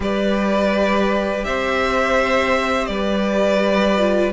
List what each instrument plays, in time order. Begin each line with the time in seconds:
0.00 cello G3, viola G4, violin B4 D5
1.44 cello C4, violin C5 E5
2.86 cello G3, violin B4 D5
3.97 viola F4